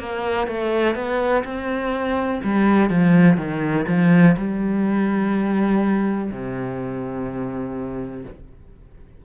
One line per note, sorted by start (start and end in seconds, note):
0.00 0.48 A#3
0.48 0.95 A3
0.95 1.44 B3
1.45 2.41 C4
2.44 2.90 G3
2.90 3.37 F3
3.37 3.86 D#3
3.88 4.36 F3
4.38 6.31 G3
6.31 8.25 C3